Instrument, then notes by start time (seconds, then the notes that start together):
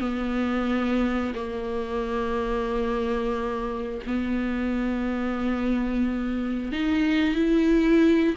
viola
0.00 B3
1.34 A#3
4.06 B3
6.72 D#4
7.35 E4